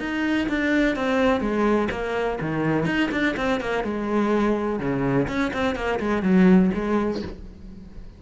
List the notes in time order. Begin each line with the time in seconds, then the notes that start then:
0.00 D#4
0.49 D4
0.96 C4
1.41 G#3
1.91 A#3
2.41 D#3
2.86 D#4
3.12 D4
3.37 C4
3.61 A#3
3.84 G#3
4.80 C#3
5.28 C#4
5.54 C4
5.76 A#3
6.00 G#3
6.23 F#3
6.74 G#3